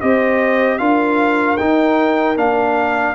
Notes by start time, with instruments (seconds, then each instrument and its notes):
0.00 tuba C4, trombone G4, horn C5, trumpet D#5
0.78 tuba D4, trombone F4, horn A#4, trumpet F5
1.57 trombone D#4, tuba D#4, trumpet G5
2.36 tuba A#3, trombone D4, trumpet F5